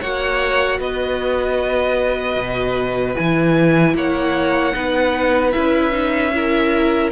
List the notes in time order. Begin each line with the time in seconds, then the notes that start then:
0.00 A#3 F#4 C#5 F#5
0.79 B3 B4 D#5
2.36 B2
3.15 E3 E4 G#5
3.94 A#3 C#5 F#5
4.73 B3 D#4 B4
5.52 C#4 E4 E5
5.91 D#4
6.34 E4 A#4